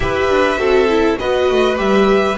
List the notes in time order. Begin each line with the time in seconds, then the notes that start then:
0.00 E4 G4 B4 E5
0.29 D4
0.57 C4 F#4 A4
0.88 E4
1.18 B3 F#4 B4 D#5
1.50 A3
1.75 G3 G4 E5